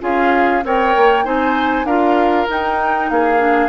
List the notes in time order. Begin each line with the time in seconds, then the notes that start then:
0.00 C#4 F4 G#4 F5
0.63 C4 A#4 C#5 G5
0.96 A#3
1.24 C4 D#4 C5 G#5
1.84 D4 F4 A#4 F5
2.47 D#4 G5
3.09 A#3 G#4 F5
3.38 D4